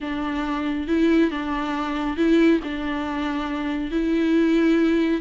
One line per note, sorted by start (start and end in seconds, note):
0.00 0.87 D4
0.87 1.30 E4
1.30 2.16 D4
2.16 2.60 E4
2.63 3.91 D4
3.91 5.21 E4